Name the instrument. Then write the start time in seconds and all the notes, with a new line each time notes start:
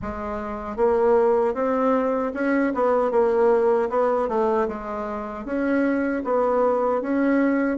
bassoon
0.02 G#3
0.76 A#3
1.54 C4
2.34 C#4
2.74 B3
3.11 A#3
3.89 B3
4.28 A3
4.68 G#3
5.45 C#4
6.24 B3
7.01 C#4